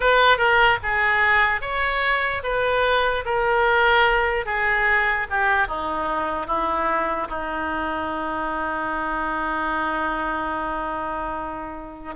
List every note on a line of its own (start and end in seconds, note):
0.00 0.37 B4
0.37 0.78 A#4
0.82 1.61 G#4
1.61 2.42 C#5
2.43 3.24 B4
3.25 4.45 A#4
4.45 5.26 G#4
5.30 5.67 G4
5.67 6.46 D#4
6.46 7.28 E4
7.28 12.14 D#4